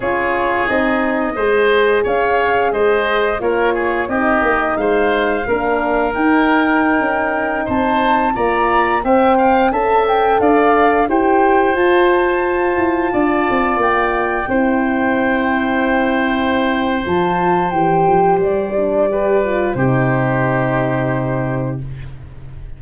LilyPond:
<<
  \new Staff \with { instrumentName = "flute" } { \time 4/4 \tempo 4 = 88 cis''4 dis''2 f''4 | dis''4 cis''4 dis''4 f''4~ | f''4 g''2~ g''16 a''8.~ | a''16 ais''4 g''4 a''8 g''8 f''8.~ |
f''16 g''4 a''2~ a''8.~ | a''16 g''2.~ g''8.~ | g''4 a''4 g''4 d''4~ | d''4 c''2. | }
  \new Staff \with { instrumentName = "oboe" } { \time 4/4 gis'2 c''4 cis''4 | c''4 ais'8 gis'8 g'4 c''4 | ais'2.~ ais'16 c''8.~ | c''16 d''4 e''8 f''8 e''4 d''8.~ |
d''16 c''2. d''8.~ | d''4~ d''16 c''2~ c''8.~ | c''1 | b'4 g'2. | }
  \new Staff \with { instrumentName = "horn" } { \time 4/4 f'4 dis'4 gis'2~ | gis'4 f'4 dis'2 | d'4 dis'2.~ | dis'16 f'4 c''4 a'4.~ a'16~ |
a'16 g'4 f'2~ f'8.~ | f'4~ f'16 e'2~ e'8.~ | e'4 f'4 g'4. d'8 | g'8 f'8 dis'2. | }
  \new Staff \with { instrumentName = "tuba" } { \time 4/4 cis'4 c'4 gis4 cis'4 | gis4 ais4 c'8 ais8 gis4 | ais4 dis'4~ dis'16 cis'4 c'8.~ | c'16 ais4 c'4 cis'4 d'8.~ |
d'16 e'4 f'4. e'8 d'8 c'16~ | c'16 ais4 c'2~ c'8.~ | c'4 f4 e8 f8 g4~ | g4 c2. | }
>>